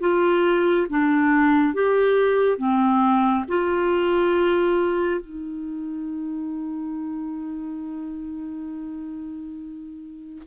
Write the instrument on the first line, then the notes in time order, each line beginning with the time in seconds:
clarinet
0.00 F4
0.89 D4
1.74 G4
2.58 C4
3.48 F4
5.21 D#4